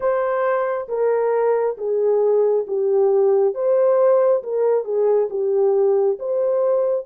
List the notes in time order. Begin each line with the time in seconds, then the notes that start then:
0.00 C5
0.88 A#4
1.77 G#4
2.67 G4
3.54 C5
4.43 A#4
4.84 G#4
5.29 G4
6.19 C5